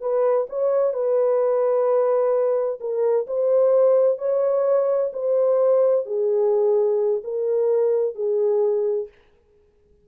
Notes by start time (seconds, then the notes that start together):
0.00 B4
0.49 C#5
0.93 B4
2.80 A#4
3.27 C5
4.18 C#5
5.13 C5
6.05 G#4
7.24 A#4
8.15 G#4